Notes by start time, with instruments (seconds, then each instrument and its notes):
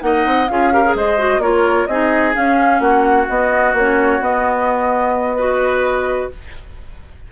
0.00 bassoon A#3, clarinet D#4, oboe D#5, flute F#5
0.26 bassoon C4
0.48 bassoon C#4, clarinet F4, oboe G#4, flute F5
0.73 clarinet G4, oboe A#4
0.85 clarinet G#4
0.95 bassoon G#3, oboe C5, flute D#5
1.18 clarinet F#4
1.38 bassoon A#3, clarinet F4, oboe A#4, flute C#5
1.87 bassoon C4, clarinet D#4, oboe G#4, flute D#5
2.34 clarinet C#4, bassoon C#4, flute F5
2.80 bassoon A#3, oboe F#4, flute F#5
3.29 bassoon B3, clarinet B3, flute D#5
3.74 bassoon A#3, clarinet C#4, flute C#5
4.21 bassoon B3, clarinet B3, flute D#5
5.37 clarinet F#4, oboe B4